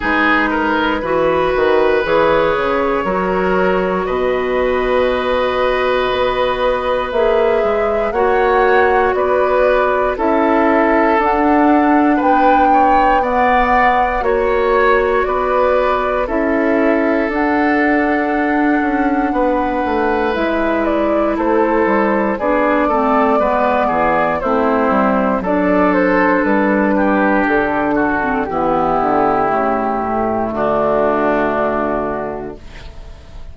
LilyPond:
<<
  \new Staff \with { instrumentName = "flute" } { \time 4/4 \tempo 4 = 59 b'2 cis''2 | dis''2. e''4 | fis''4 d''4 e''4 fis''4 | g''4 fis''4 cis''4 d''4 |
e''4 fis''2. | e''8 d''8 c''4 d''2 | c''4 d''8 c''8 b'4 a'4 | g'2 fis'2 | }
  \new Staff \with { instrumentName = "oboe" } { \time 4/4 gis'8 ais'8 b'2 ais'4 | b'1 | cis''4 b'4 a'2 | b'8 cis''8 d''4 cis''4 b'4 |
a'2. b'4~ | b'4 a'4 gis'8 a'8 b'8 gis'8 | e'4 a'4. g'4 fis'8 | e'2 d'2 | }
  \new Staff \with { instrumentName = "clarinet" } { \time 4/4 dis'4 fis'4 gis'4 fis'4~ | fis'2. gis'4 | fis'2 e'4 d'4~ | d'4 b4 fis'2 |
e'4 d'2. | e'2 d'8 c'8 b4 | c'4 d'2~ d'8. c'16 | b4 a2. | }
  \new Staff \with { instrumentName = "bassoon" } { \time 4/4 gis4 e8 dis8 e8 cis8 fis4 | b,2 b4 ais8 gis8 | ais4 b4 cis'4 d'4 | b2 ais4 b4 |
cis'4 d'4. cis'8 b8 a8 | gis4 a8 g8 b8 a8 gis8 e8 | a8 g8 fis4 g4 d4 | e8 d8 cis8 a,8 d2 | }
>>